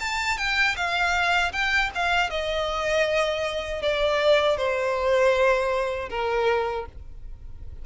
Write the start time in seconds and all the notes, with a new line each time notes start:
0.00 A5
0.38 G5
0.76 F5
1.53 G5
1.95 F5
2.30 D#5
3.82 D5
4.57 C5
6.10 A#4